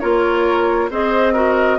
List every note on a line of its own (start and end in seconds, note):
0.00 0.90 A#3
0.00 0.91 F4
0.00 0.91 A#4
0.00 0.90 C#5
0.90 1.79 C4
0.90 1.35 G#4
0.90 1.34 C5
0.90 1.79 D#5
1.34 1.79 F#4
1.34 1.79 A#4